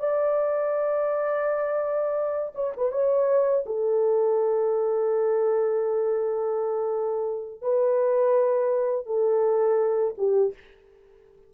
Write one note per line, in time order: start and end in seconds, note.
0.00 2.53 D5
2.55 2.73 C#5
2.77 2.92 B4
2.92 3.64 C#5
3.66 7.62 A4
7.62 9.06 B4
9.06 10.15 A4
10.18 10.54 G4